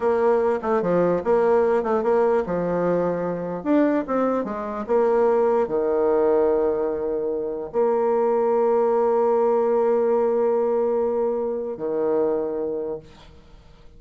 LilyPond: \new Staff \with { instrumentName = "bassoon" } { \time 4/4 \tempo 4 = 148 ais4. a8 f4 ais4~ | ais8 a8 ais4 f2~ | f4 d'4 c'4 gis4 | ais2 dis2~ |
dis2. ais4~ | ais1~ | ais1~ | ais4 dis2. | }